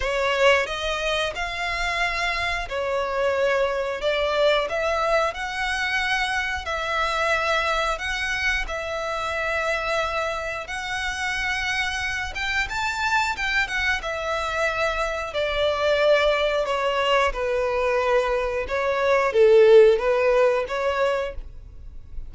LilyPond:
\new Staff \with { instrumentName = "violin" } { \time 4/4 \tempo 4 = 90 cis''4 dis''4 f''2 | cis''2 d''4 e''4 | fis''2 e''2 | fis''4 e''2. |
fis''2~ fis''8 g''8 a''4 | g''8 fis''8 e''2 d''4~ | d''4 cis''4 b'2 | cis''4 a'4 b'4 cis''4 | }